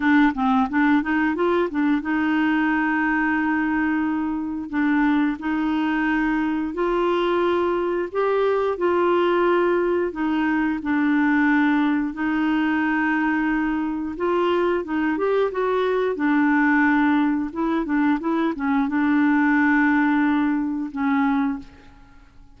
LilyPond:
\new Staff \with { instrumentName = "clarinet" } { \time 4/4 \tempo 4 = 89 d'8 c'8 d'8 dis'8 f'8 d'8 dis'4~ | dis'2. d'4 | dis'2 f'2 | g'4 f'2 dis'4 |
d'2 dis'2~ | dis'4 f'4 dis'8 g'8 fis'4 | d'2 e'8 d'8 e'8 cis'8 | d'2. cis'4 | }